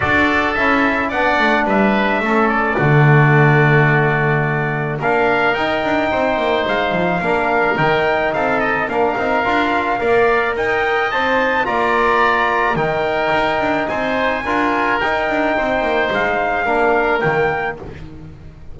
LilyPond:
<<
  \new Staff \with { instrumentName = "trumpet" } { \time 4/4 \tempo 4 = 108 d''4 e''4 fis''4 e''4~ | e''8 d''2.~ d''8~ | d''4 f''4 g''2 | f''2 g''4 f''8 dis''8 |
f''2. g''4 | a''4 ais''2 g''4~ | g''4 gis''2 g''4~ | g''4 f''2 g''4 | }
  \new Staff \with { instrumentName = "oboe" } { \time 4/4 a'2 d''4 b'4 | a'4 fis'2.~ | fis'4 ais'2 c''4~ | c''4 ais'2 a'4 |
ais'2 d''4 dis''4~ | dis''4 d''2 ais'4~ | ais'4 c''4 ais'2 | c''2 ais'2 | }
  \new Staff \with { instrumentName = "trombone" } { \time 4/4 fis'4 e'4 d'2 | cis'4 a2.~ | a4 d'4 dis'2~ | dis'4 d'4 dis'2 |
d'8 dis'8 f'4 ais'2 | c''4 f'2 dis'4~ | dis'2 f'4 dis'4~ | dis'2 d'4 ais4 | }
  \new Staff \with { instrumentName = "double bass" } { \time 4/4 d'4 cis'4 b8 a8 g4 | a4 d2.~ | d4 ais4 dis'8 d'8 c'8 ais8 | gis8 f8 ais4 dis4 c'4 |
ais8 c'8 d'4 ais4 dis'4 | c'4 ais2 dis4 | dis'8 d'8 c'4 d'4 dis'8 d'8 | c'8 ais8 gis4 ais4 dis4 | }
>>